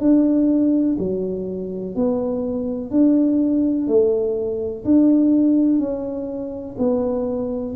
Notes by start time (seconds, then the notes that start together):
0.00 D4
0.99 F#3
1.96 B3
2.91 D4
3.88 A3
4.85 D4
5.79 C#4
6.78 B3